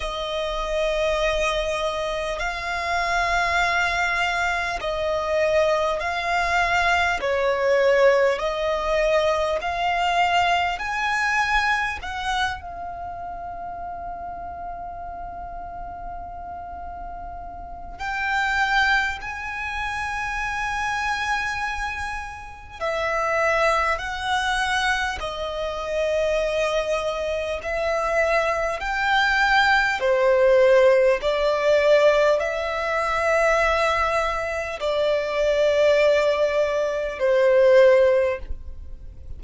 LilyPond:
\new Staff \with { instrumentName = "violin" } { \time 4/4 \tempo 4 = 50 dis''2 f''2 | dis''4 f''4 cis''4 dis''4 | f''4 gis''4 fis''8 f''4.~ | f''2. g''4 |
gis''2. e''4 | fis''4 dis''2 e''4 | g''4 c''4 d''4 e''4~ | e''4 d''2 c''4 | }